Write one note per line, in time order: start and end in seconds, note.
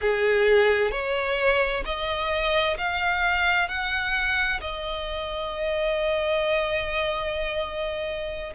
0.01 0.91 G#4
0.91 1.83 C#5
1.85 2.77 D#5
2.77 3.68 F5
3.68 4.60 F#5
4.61 8.53 D#5